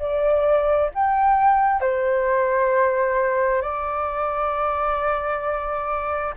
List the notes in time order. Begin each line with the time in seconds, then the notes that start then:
0.00 D5
0.95 G5
1.81 C5
3.62 D5